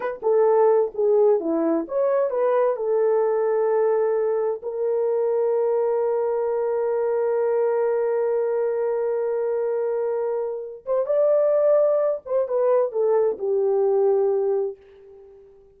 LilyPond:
\new Staff \with { instrumentName = "horn" } { \time 4/4 \tempo 4 = 130 b'8 a'4. gis'4 e'4 | cis''4 b'4 a'2~ | a'2 ais'2~ | ais'1~ |
ais'1~ | ais'2.~ ais'8 c''8 | d''2~ d''8 c''8 b'4 | a'4 g'2. | }